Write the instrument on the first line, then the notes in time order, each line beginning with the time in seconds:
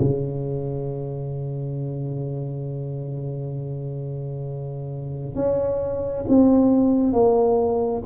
tuba
0.00 C#3
5.35 C#4
6.28 C4
7.13 A#3